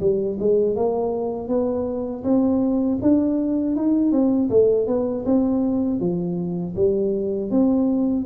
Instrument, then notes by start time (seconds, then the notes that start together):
tuba
0.00 G3
0.39 G#3
0.75 A#3
1.48 B3
2.23 C4
3.01 D4
3.75 D#4
4.11 C4
4.50 A3
4.87 B3
5.25 C4
6.00 F3
6.75 G3
7.50 C4